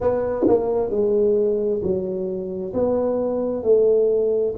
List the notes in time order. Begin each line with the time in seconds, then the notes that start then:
0.00 B3
0.47 A#3
0.90 G#3
1.82 F#3
2.73 B3
3.63 A3